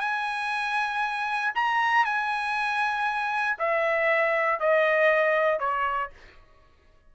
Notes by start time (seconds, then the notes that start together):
0.00 G#5
1.55 A#5
2.05 G#5
3.58 E5
4.59 D#5
5.59 C#5